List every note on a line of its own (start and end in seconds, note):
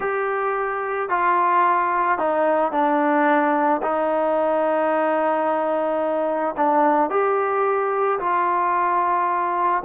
0.00 1.09 G4
1.09 2.18 F4
2.18 2.71 D#4
2.71 3.81 D4
3.82 6.55 D#4
6.57 7.10 D4
7.10 8.19 G4
8.19 9.83 F4